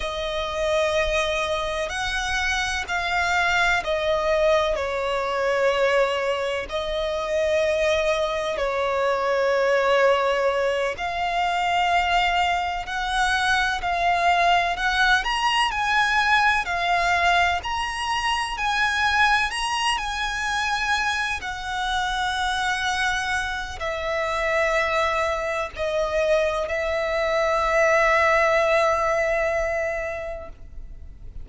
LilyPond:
\new Staff \with { instrumentName = "violin" } { \time 4/4 \tempo 4 = 63 dis''2 fis''4 f''4 | dis''4 cis''2 dis''4~ | dis''4 cis''2~ cis''8 f''8~ | f''4. fis''4 f''4 fis''8 |
ais''8 gis''4 f''4 ais''4 gis''8~ | gis''8 ais''8 gis''4. fis''4.~ | fis''4 e''2 dis''4 | e''1 | }